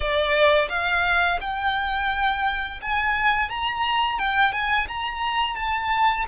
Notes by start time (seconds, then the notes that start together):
0.00 D5
0.69 F5
1.40 G5
2.81 G#5
3.49 A#5
4.18 G5
4.52 G#5
4.87 A#5
5.56 A5